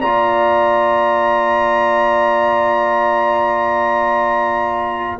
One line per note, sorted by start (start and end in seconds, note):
0.00 5.19 A#3
0.00 5.19 F4
0.00 5.19 D5
0.00 5.19 A#5